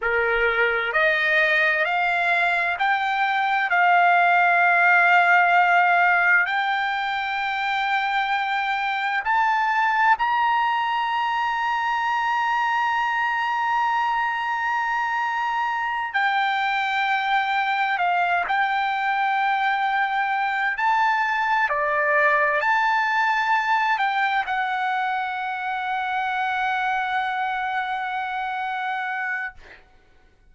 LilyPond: \new Staff \with { instrumentName = "trumpet" } { \time 4/4 \tempo 4 = 65 ais'4 dis''4 f''4 g''4 | f''2. g''4~ | g''2 a''4 ais''4~ | ais''1~ |
ais''4. g''2 f''8 | g''2~ g''8 a''4 d''8~ | d''8 a''4. g''8 fis''4.~ | fis''1 | }